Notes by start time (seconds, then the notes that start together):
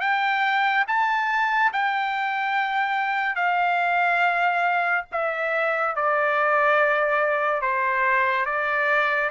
0.00 G5
0.88 A5
1.73 G5
3.36 F5
5.12 E5
5.95 D5
7.62 C5
8.45 D5